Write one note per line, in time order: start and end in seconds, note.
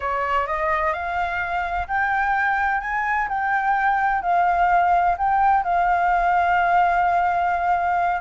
0.00 0.46 C#5
0.46 0.93 D#5
0.93 1.87 F5
1.87 2.81 G5
2.81 3.27 G#5
3.28 4.22 G5
4.22 5.15 F5
5.17 5.63 G5
5.63 8.21 F5